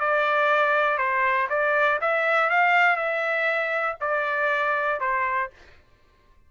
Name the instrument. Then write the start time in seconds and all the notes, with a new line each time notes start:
trumpet
0.00 D5
0.98 C5
1.50 D5
2.01 E5
2.50 F5
2.96 E5
4.01 D5
5.00 C5